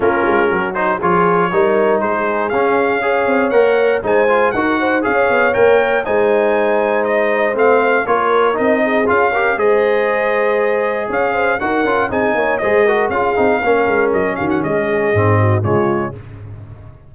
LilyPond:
<<
  \new Staff \with { instrumentName = "trumpet" } { \time 4/4 \tempo 4 = 119 ais'4. c''8 cis''2 | c''4 f''2 fis''4 | gis''4 fis''4 f''4 g''4 | gis''2 dis''4 f''4 |
cis''4 dis''4 f''4 dis''4~ | dis''2 f''4 fis''4 | gis''4 dis''4 f''2 | dis''8 f''16 fis''16 dis''2 cis''4 | }
  \new Staff \with { instrumentName = "horn" } { \time 4/4 f'4 fis'4 gis'4 ais'4 | gis'2 cis''2 | c''4 ais'8 c''8 cis''2 | c''1 |
ais'4. gis'4 ais'8 c''4~ | c''2 cis''8 c''8 ais'4 | gis'8 cis''8 c''8 ais'8 gis'4 ais'4~ | ais'8 fis'8 gis'4. fis'8 f'4 | }
  \new Staff \with { instrumentName = "trombone" } { \time 4/4 cis'4. dis'8 f'4 dis'4~ | dis'4 cis'4 gis'4 ais'4 | dis'8 f'8 fis'4 gis'4 ais'4 | dis'2. c'4 |
f'4 dis'4 f'8 g'8 gis'4~ | gis'2. fis'8 f'8 | dis'4 gis'8 fis'8 f'8 dis'8 cis'4~ | cis'2 c'4 gis4 | }
  \new Staff \with { instrumentName = "tuba" } { \time 4/4 ais8 gis8 fis4 f4 g4 | gis4 cis'4. c'8 ais4 | gis4 dis'4 cis'8 b8 ais4 | gis2. a4 |
ais4 c'4 cis'4 gis4~ | gis2 cis'4 dis'8 cis'8 | c'8 ais8 gis4 cis'8 c'8 ais8 gis8 | fis8 dis8 gis4 gis,4 cis4 | }
>>